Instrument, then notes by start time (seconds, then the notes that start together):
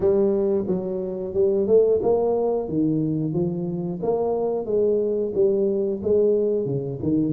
tuba
0.00 G3
0.67 F#3
1.34 G3
1.67 A3
2.02 A#3
2.68 D#3
3.33 F3
4.02 A#3
4.65 G#3
5.34 G3
6.02 G#3
6.65 C#3
7.02 D#3